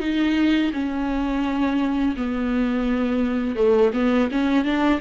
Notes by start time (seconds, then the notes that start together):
0.00 D#4
0.73 C#4
2.17 B3
3.56 A3
3.94 B3
4.31 C#4
4.65 D4